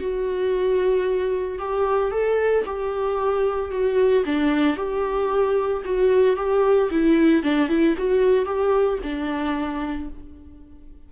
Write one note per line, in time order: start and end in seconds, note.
0.00 1.59 F#4
1.59 2.12 G4
2.12 2.65 A4
2.66 3.71 G4
3.71 4.24 F#4
4.26 4.77 D4
4.77 5.83 G4
5.86 6.37 F#4
6.37 6.90 G4
6.91 7.43 E4
7.43 7.69 D4
7.69 7.95 E4
7.98 8.46 F#4
8.46 8.99 G4
9.03 10.09 D4